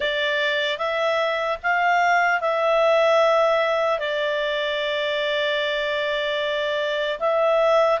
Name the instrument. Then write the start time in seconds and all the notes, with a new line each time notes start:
clarinet
0.00 D5
0.77 E5
1.63 F5
2.40 E5
3.99 D5
7.19 E5